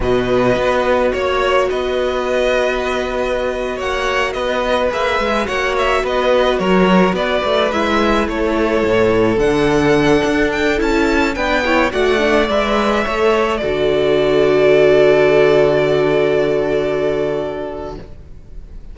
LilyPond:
<<
  \new Staff \with { instrumentName = "violin" } { \time 4/4 \tempo 4 = 107 dis''2 cis''4 dis''4~ | dis''2~ dis''8. fis''4 dis''16~ | dis''8. e''4 fis''8 e''8 dis''4 cis''16~ | cis''8. d''4 e''4 cis''4~ cis''16~ |
cis''8. fis''2 g''8 a''8.~ | a''16 g''4 fis''4 e''4.~ e''16~ | e''16 d''2.~ d''8.~ | d''1 | }
  \new Staff \with { instrumentName = "violin" } { \time 4/4 b'2 cis''4 b'4~ | b'2~ b'8. cis''4 b'16~ | b'4.~ b'16 cis''4 b'4 ais'16~ | ais'8. b'2 a'4~ a'16~ |
a'1~ | a'16 b'8 cis''8 d''2 cis''8.~ | cis''16 a'2.~ a'8.~ | a'1 | }
  \new Staff \with { instrumentName = "viola" } { \time 4/4 fis'1~ | fis'1~ | fis'8. gis'4 fis'2~ fis'16~ | fis'4.~ fis'16 e'2~ e'16~ |
e'8. d'2~ d'8 e'8.~ | e'16 d'8 e'8 fis'8 d'8 b'4 a'8.~ | a'16 fis'2.~ fis'8.~ | fis'1 | }
  \new Staff \with { instrumentName = "cello" } { \time 4/4 b,4 b4 ais4 b4~ | b2~ b8. ais4 b16~ | b8. ais8 gis8 ais4 b4 fis16~ | fis8. b8 a8 gis4 a4 a,16~ |
a,8. d4. d'4 cis'8.~ | cis'16 b4 a4 gis4 a8.~ | a16 d2.~ d8.~ | d1 | }
>>